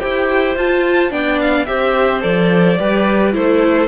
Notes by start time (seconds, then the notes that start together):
0.00 E4 G4 C5 G5
0.57 F4 A5
1.11 B3 D4 D5 G5
1.41 F5
1.66 C4 G4 C5 E5
2.22 F3 A4 D5
2.80 G3 G4 B4
3.33 A3 E4 A4 C5